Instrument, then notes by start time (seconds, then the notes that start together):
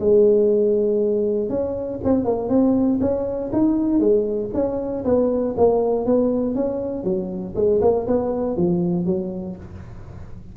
tuba
0.00 G#3
1.50 C#4
2.04 C4
2.25 A#3
2.49 C4
3.01 C#4
3.53 D#4
4.00 G#3
4.54 C#4
5.05 B3
5.57 A#3
6.06 B3
6.55 C#4
7.04 F#3
7.56 G#3
7.82 A#3
8.07 B3
8.57 F3
9.06 F#3